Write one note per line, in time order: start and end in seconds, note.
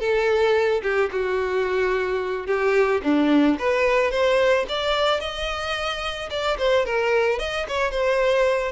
0.00 0.82 A4
0.82 1.10 G4
1.12 2.46 F#4
2.46 3.01 G4
3.03 3.58 D4
3.59 4.11 B4
4.11 4.66 C5
4.69 5.20 D5
5.20 6.29 D#5
6.30 6.58 D5
6.58 6.85 C5
6.85 7.39 A#4
7.39 7.66 D#5
7.68 7.91 C#5
7.91 8.72 C5